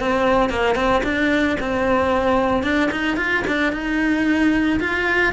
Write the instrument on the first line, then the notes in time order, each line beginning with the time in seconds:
cello
0.00 C4
0.50 A#3
0.75 C4
1.04 D4
1.60 C4
2.63 D4
2.91 D#4
3.17 F4
3.47 D4
3.73 D#4
4.80 F4